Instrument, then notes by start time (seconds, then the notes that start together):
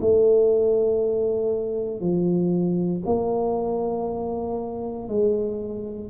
tuba
0.00 A3
2.00 F3
3.05 A#3
5.08 G#3